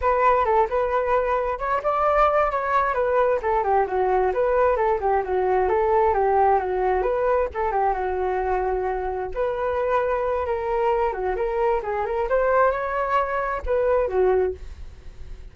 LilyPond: \new Staff \with { instrumentName = "flute" } { \time 4/4 \tempo 4 = 132 b'4 a'8 b'2 cis''8 | d''4. cis''4 b'4 a'8 | g'8 fis'4 b'4 a'8 g'8 fis'8~ | fis'8 a'4 g'4 fis'4 b'8~ |
b'8 a'8 g'8 fis'2~ fis'8~ | fis'8 b'2~ b'8 ais'4~ | ais'8 fis'8 ais'4 gis'8 ais'8 c''4 | cis''2 b'4 fis'4 | }